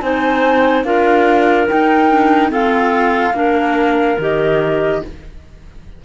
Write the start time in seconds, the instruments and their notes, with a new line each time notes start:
0.00 cello C4, clarinet D#4 C5, flute G#5
0.84 cello D4, clarinet F4 A#4, flute F5
1.67 clarinet D#4, cello D#4, flute G5
2.10 clarinet D4
2.48 clarinet C4 A4, cello F4, flute F5
3.34 cello A#3, clarinet D4 A#4
4.18 cello D#3, clarinet G4, flute D#5